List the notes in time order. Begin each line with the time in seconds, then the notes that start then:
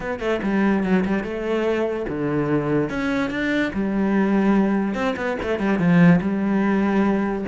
0.00 B3
0.19 A3
0.42 G3
0.83 F#3
1.05 G3
1.23 A3
2.08 D3
2.89 C#4
3.30 D4
3.73 G3
4.94 C4
5.16 B3
5.42 A3
5.59 G3
5.78 F3
6.21 G3